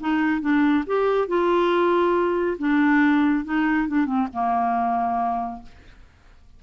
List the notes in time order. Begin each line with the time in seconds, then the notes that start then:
0.00 D#4
0.41 D4
0.87 G4
1.28 F4
2.58 D4
3.45 D#4
3.88 D4
4.06 C4
4.33 A#3